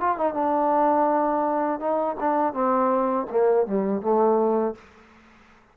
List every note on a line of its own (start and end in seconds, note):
0.00 0.17 F4
0.17 0.34 D#4
0.34 1.80 D4
1.80 2.16 D#4
2.20 2.53 D4
2.53 3.27 C4
3.30 3.67 A#3
3.67 4.01 G3
4.01 4.75 A3